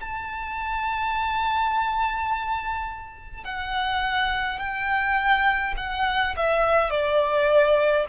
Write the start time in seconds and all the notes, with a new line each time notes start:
0.00 A5
3.44 F#5
4.58 G5
5.77 F#5
6.36 E5
6.90 D5